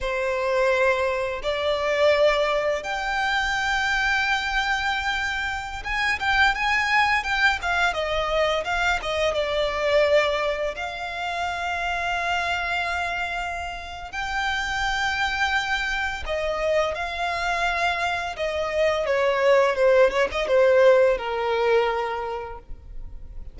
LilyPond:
\new Staff \with { instrumentName = "violin" } { \time 4/4 \tempo 4 = 85 c''2 d''2 | g''1~ | g''16 gis''8 g''8 gis''4 g''8 f''8 dis''8.~ | dis''16 f''8 dis''8 d''2 f''8.~ |
f''1 | g''2. dis''4 | f''2 dis''4 cis''4 | c''8 cis''16 dis''16 c''4 ais'2 | }